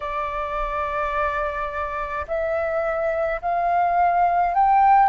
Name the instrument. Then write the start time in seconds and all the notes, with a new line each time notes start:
flute
0.00 D5
2.27 E5
3.41 F5
4.54 G5